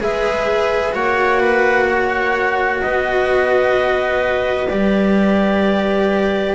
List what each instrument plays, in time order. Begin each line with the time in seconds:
0.00 double bass G#3, cello G#4, viola B4, clarinet E5
0.92 double bass A#3, cello F#4, viola C#5, clarinet F#5
1.40 viola B4
1.88 viola C#5
2.81 double bass B3, viola B4, clarinet D#5
4.68 double bass G3, cello G4, clarinet D5